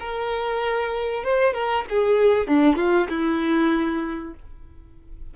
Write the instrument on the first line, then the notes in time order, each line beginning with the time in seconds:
violin
0.00 A#4
1.24 C5
1.54 A#4
1.89 G#4
2.47 D4
2.76 F4
3.09 E4